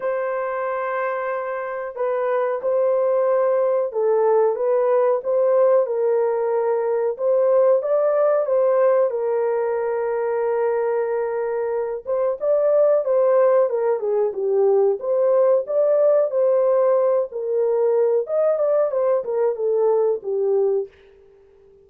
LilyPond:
\new Staff \with { instrumentName = "horn" } { \time 4/4 \tempo 4 = 92 c''2. b'4 | c''2 a'4 b'4 | c''4 ais'2 c''4 | d''4 c''4 ais'2~ |
ais'2~ ais'8 c''8 d''4 | c''4 ais'8 gis'8 g'4 c''4 | d''4 c''4. ais'4. | dis''8 d''8 c''8 ais'8 a'4 g'4 | }